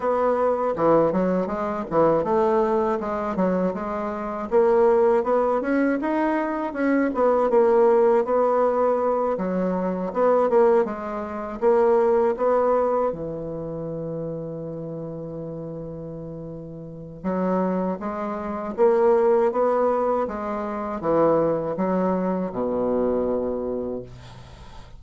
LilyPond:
\new Staff \with { instrumentName = "bassoon" } { \time 4/4 \tempo 4 = 80 b4 e8 fis8 gis8 e8 a4 | gis8 fis8 gis4 ais4 b8 cis'8 | dis'4 cis'8 b8 ais4 b4~ | b8 fis4 b8 ais8 gis4 ais8~ |
ais8 b4 e2~ e8~ | e2. fis4 | gis4 ais4 b4 gis4 | e4 fis4 b,2 | }